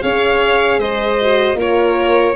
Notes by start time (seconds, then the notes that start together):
0.00 C#4 G#4 C#5 F5
0.78 G#3 C5 D#5
1.21 F#4
1.54 A#3 F4 A#4
1.61 C#5